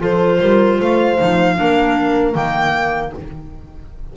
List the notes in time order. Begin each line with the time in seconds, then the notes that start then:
0.00 F3 F4 A4 C5
0.41 G3 A#4
0.79 A3 C5 F5
1.19 F3 D#4
1.57 A#3 D4 A#4
2.34 D#3 A#3 G5